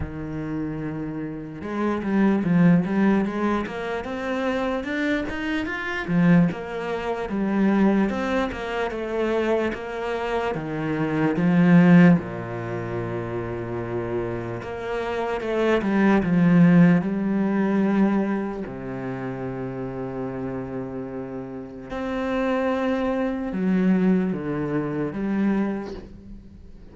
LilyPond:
\new Staff \with { instrumentName = "cello" } { \time 4/4 \tempo 4 = 74 dis2 gis8 g8 f8 g8 | gis8 ais8 c'4 d'8 dis'8 f'8 f8 | ais4 g4 c'8 ais8 a4 | ais4 dis4 f4 ais,4~ |
ais,2 ais4 a8 g8 | f4 g2 c4~ | c2. c'4~ | c'4 fis4 d4 g4 | }